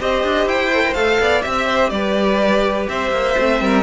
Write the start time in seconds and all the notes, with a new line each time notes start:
0.00 C4 G4 C5 D#5
0.23 D4
0.45 E4 G5
0.73 A4
0.85 A#4
0.94 A3 A4 F5
1.20 B3 D5
1.41 C4 G4 E5
1.48 E5
1.66 C5
1.89 G3 B4 D5
2.89 C4 C5 E5
3.11 A#3
3.37 A3 C4
3.61 G3 A#4